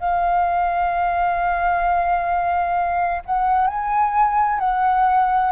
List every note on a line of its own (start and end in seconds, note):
0.00 3.23 F5
3.26 3.68 F#5
3.68 4.60 G#5
4.60 5.52 F#5